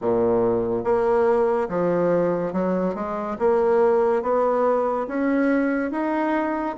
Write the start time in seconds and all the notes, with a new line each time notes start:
0.01 A#2
0.83 A#3
1.68 F3
2.52 F#3
2.95 G#3
3.38 A#3
4.22 B3
5.07 C#4
5.91 D#4